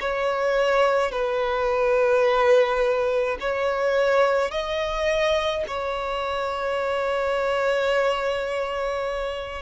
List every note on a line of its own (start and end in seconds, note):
0.00 1.11 C#5
1.11 3.38 B4
3.40 4.51 C#5
4.51 5.64 D#5
5.67 9.62 C#5